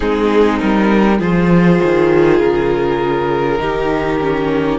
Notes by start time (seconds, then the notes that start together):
0.00 G#3 C4 D#4 G#4
0.58 G3 A#4
1.19 F3 F4 G#4 C5
1.83 D#3
2.38 C#3 A#4
3.58 D#3 D#4 G4
4.20 C#4